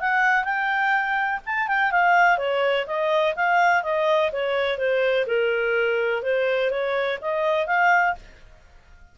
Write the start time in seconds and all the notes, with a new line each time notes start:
0.00 F#5
0.44 G5
1.46 A5
1.68 G5
1.91 F5
2.38 C#5
2.86 D#5
3.36 F5
3.83 D#5
4.32 C#5
4.78 C5
5.26 A#4
6.22 C5
6.70 C#5
7.21 D#5
7.66 F5